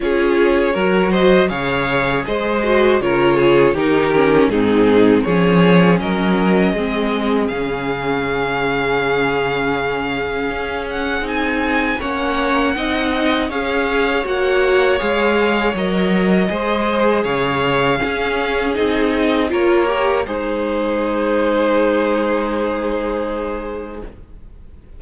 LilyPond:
<<
  \new Staff \with { instrumentName = "violin" } { \time 4/4 \tempo 4 = 80 cis''4. dis''8 f''4 dis''4 | cis''4 ais'4 gis'4 cis''4 | dis''2 f''2~ | f''2~ f''8 fis''8 gis''4 |
fis''2 f''4 fis''4 | f''4 dis''2 f''4~ | f''4 dis''4 cis''4 c''4~ | c''1 | }
  \new Staff \with { instrumentName = "violin" } { \time 4/4 gis'4 ais'8 c''8 cis''4 c''4 | ais'8 gis'8 g'4 dis'4 gis'4 | ais'4 gis'2.~ | gis'1 |
cis''4 dis''4 cis''2~ | cis''2 c''4 cis''4 | gis'2 ais'4 dis'4~ | dis'1 | }
  \new Staff \with { instrumentName = "viola" } { \time 4/4 f'4 fis'4 gis'4. fis'8 | f'4 dis'8 cis'8 c'4 cis'4~ | cis'4 c'4 cis'2~ | cis'2. dis'4 |
cis'4 dis'4 gis'4 fis'4 | gis'4 ais'4 gis'2 | cis'4 dis'4 f'8 g'8 gis'4~ | gis'1 | }
  \new Staff \with { instrumentName = "cello" } { \time 4/4 cis'4 fis4 cis4 gis4 | cis4 dis4 gis,4 f4 | fis4 gis4 cis2~ | cis2 cis'4 c'4 |
ais4 c'4 cis'4 ais4 | gis4 fis4 gis4 cis4 | cis'4 c'4 ais4 gis4~ | gis1 | }
>>